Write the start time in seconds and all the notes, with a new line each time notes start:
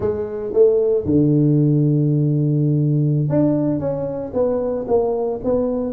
0.00 G#3
0.53 A3
1.05 D3
3.28 D4
3.79 C#4
4.33 B3
4.87 A#3
5.44 B3